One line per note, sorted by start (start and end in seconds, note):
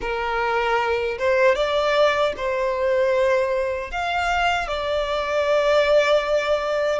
0.01 1.18 A#4
1.18 1.55 C5
1.55 2.33 D5
2.36 3.91 C5
3.91 4.67 F5
4.67 6.99 D5